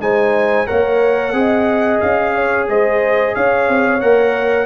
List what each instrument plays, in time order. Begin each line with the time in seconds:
0.00 tuba G#3, trombone D#4, horn C5, trumpet G#5
0.67 tuba A#3, trombone A#4, horn C#5, trumpet F#5
1.33 tuba C4, trombone G#4, horn D#5
2.01 tuba C#4, trumpet F5
2.35 horn C#5
2.69 tuba G#3, horn C5, trumpet D#5
3.35 tuba C#4, horn C#5, trumpet F5
3.69 tuba C4
4.01 tuba A#3, trombone A#4, trumpet F#5